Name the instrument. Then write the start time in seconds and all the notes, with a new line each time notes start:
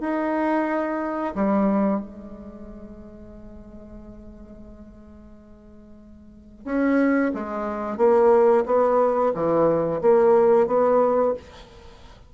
bassoon
0.00 D#4
1.35 G3
2.00 G#3
6.65 C#4
7.34 G#3
7.97 A#3
8.66 B3
9.34 E3
10.01 A#3
10.67 B3